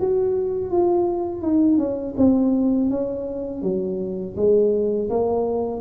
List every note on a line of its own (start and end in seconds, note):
0.00 0.71 F#4
0.71 1.42 F4
1.42 1.78 D#4
1.78 2.14 C#4
2.17 2.90 C4
2.90 3.62 C#4
3.62 4.35 F#3
4.36 5.09 G#3
5.10 5.81 A#3